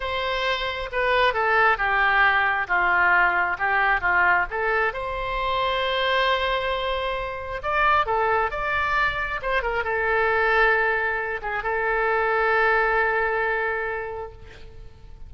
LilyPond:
\new Staff \with { instrumentName = "oboe" } { \time 4/4 \tempo 4 = 134 c''2 b'4 a'4 | g'2 f'2 | g'4 f'4 a'4 c''4~ | c''1~ |
c''4 d''4 a'4 d''4~ | d''4 c''8 ais'8 a'2~ | a'4. gis'8 a'2~ | a'1 | }